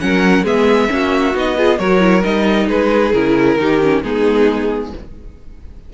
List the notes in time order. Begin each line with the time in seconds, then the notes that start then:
0.00 F#3 C#4 A#4 F#5
0.43 G#3 B3 G#4 E5
0.88 A#3 C#4 F#4
1.34 B3 D#4 D#5
1.57 F4 G#4
1.79 F#3 F#4 A#4 C#5
2.00 E4
2.23 G3 D#4 D#5
2.67 G#3 G#4 B4
3.13 C#3 E4 A#4
3.57 D#3 D#4 G4
3.82 C#4
4.03 G#3 B3 D#4 G#4